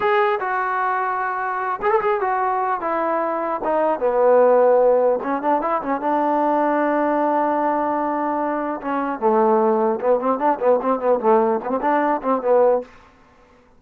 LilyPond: \new Staff \with { instrumentName = "trombone" } { \time 4/4 \tempo 4 = 150 gis'4 fis'2.~ | fis'8 gis'16 a'16 gis'8 fis'4. e'4~ | e'4 dis'4 b2~ | b4 cis'8 d'8 e'8 cis'8 d'4~ |
d'1~ | d'2 cis'4 a4~ | a4 b8 c'8 d'8 b8 c'8 b8 | a4 b16 c'16 d'4 c'8 b4 | }